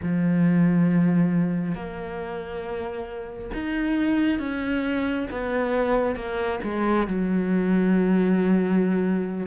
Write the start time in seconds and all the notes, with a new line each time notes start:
0.02 F3
1.74 A#3
3.53 D#4
4.39 C#4
5.31 B3
6.15 A#3
6.63 G#3
7.07 F#3